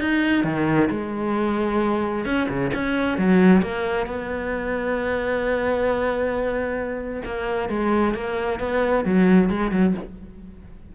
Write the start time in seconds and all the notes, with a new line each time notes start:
0.00 D#4
0.44 D#3
0.90 G#3
2.25 C#4
2.49 C#3
2.74 C#4
3.18 F#3
3.62 A#3
4.06 B3
7.25 A#3
7.69 G#3
8.14 A#3
8.60 B3
9.05 F#3
9.50 G#3
9.71 F#3